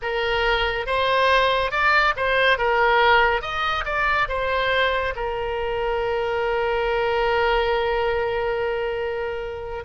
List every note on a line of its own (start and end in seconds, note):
0.02 0.86 A#4
0.86 1.71 C5
1.71 2.14 D5
2.16 2.58 C5
2.58 3.41 A#4
3.41 3.84 D#5
3.85 4.27 D5
4.28 5.14 C5
5.15 9.84 A#4